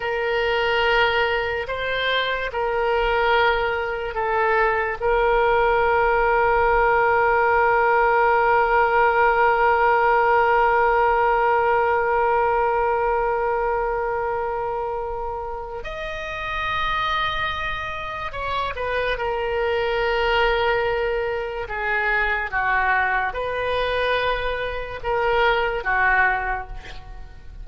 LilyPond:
\new Staff \with { instrumentName = "oboe" } { \time 4/4 \tempo 4 = 72 ais'2 c''4 ais'4~ | ais'4 a'4 ais'2~ | ais'1~ | ais'1~ |
ais'2. dis''4~ | dis''2 cis''8 b'8 ais'4~ | ais'2 gis'4 fis'4 | b'2 ais'4 fis'4 | }